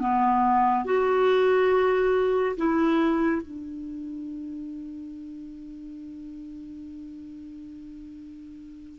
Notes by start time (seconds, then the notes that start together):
0.00 B3
0.85 F#4
2.57 E4
3.42 D4